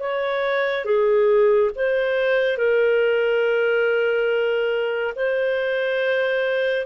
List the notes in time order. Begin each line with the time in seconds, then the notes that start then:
0.00 C#5
0.85 G#4
1.76 C5
2.58 A#4
5.16 C5